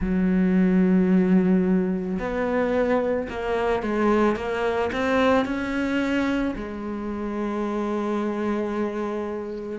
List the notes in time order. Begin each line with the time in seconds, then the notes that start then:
0.00 F#3
2.19 B3
3.29 A#3
3.82 G#3
4.36 A#3
4.92 C4
5.45 C#4
6.55 G#3